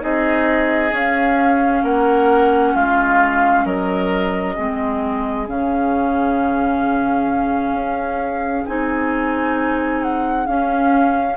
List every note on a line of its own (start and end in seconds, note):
0.00 0.92 C4
0.00 0.91 D#4
0.00 1.84 G#4
0.00 0.94 D#5
0.92 1.83 C#4
0.92 4.57 C#4
0.92 1.85 F5
1.83 2.74 A#3
1.83 2.74 A#4
1.83 2.76 F#5
2.74 3.65 G#3
2.74 3.65 F4
2.74 3.66 F5
3.65 4.56 F#3
3.65 4.55 A#4
3.65 5.48 D#5
4.55 5.48 G#3
4.55 5.48 C4
4.55 11.37 G#4
5.48 7.73 C#3
5.48 8.66 C#4
5.48 8.66 F5
7.73 8.63 C#4
8.66 10.48 C4
8.66 10.47 D#4
8.66 10.02 G#5
10.02 10.46 F#5
10.46 11.37 C#4
10.46 11.37 F5